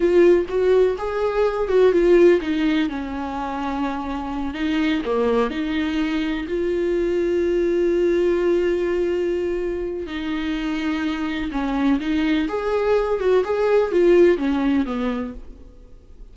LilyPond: \new Staff \with { instrumentName = "viola" } { \time 4/4 \tempo 4 = 125 f'4 fis'4 gis'4. fis'8 | f'4 dis'4 cis'2~ | cis'4. dis'4 ais4 dis'8~ | dis'4. f'2~ f'8~ |
f'1~ | f'4 dis'2. | cis'4 dis'4 gis'4. fis'8 | gis'4 f'4 cis'4 b4 | }